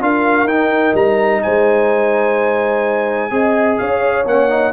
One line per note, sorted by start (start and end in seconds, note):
0.00 0.44 D4
0.00 0.47 F4
0.00 1.43 A#4
0.00 0.47 F5
0.44 0.91 D#4
0.44 3.30 D#4
0.44 0.95 G5
0.94 1.41 G3
0.94 1.42 A#5
1.42 3.31 G#3
1.42 3.32 C5
1.42 3.78 G#5
3.30 3.78 C4
3.30 4.25 G#4
3.30 3.80 D#5
3.78 4.25 C#4
3.78 4.72 C#5
3.78 4.25 F5
4.25 4.72 A#3
4.25 4.49 C#4
4.25 4.72 F#5
4.49 4.72 D#4